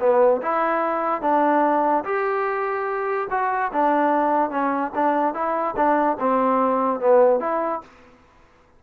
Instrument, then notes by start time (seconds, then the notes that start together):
trombone
0.00 B3
0.42 E4
1.22 D4
2.04 G4
3.30 F#4
3.72 D4
4.50 C#4
4.95 D4
5.34 E4
5.76 D4
6.20 C4
7.00 B3
7.40 E4